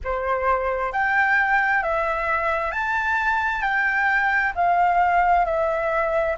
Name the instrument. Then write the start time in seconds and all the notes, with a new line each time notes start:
flute
0.04 C5
0.92 G5
1.82 E5
2.71 A5
3.62 G5
4.55 F5
5.45 E5